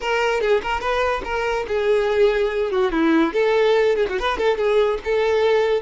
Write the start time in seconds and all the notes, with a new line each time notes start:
0.01 A#4
0.41 G#4
0.62 A#4
0.80 B4
1.24 A#4
1.67 G#4
2.71 F#4
2.91 E4
3.33 A4
3.96 G#4
4.09 F#4
4.19 B4
4.37 A4
4.57 G#4
5.04 A4